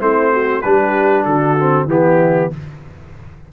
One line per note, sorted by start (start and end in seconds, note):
0.00 0.63 A3
0.00 0.62 C4
0.00 0.31 E4
0.00 0.61 C5
0.31 0.62 F#4
0.61 1.25 G3
0.61 1.58 D4
0.61 1.25 G4
0.61 1.23 B4
1.24 1.85 D3
1.24 1.87 F#4
1.24 1.87 A4
1.58 1.88 C4
1.85 2.48 E3
1.85 2.50 B3
1.85 2.51 E4
1.85 2.52 G4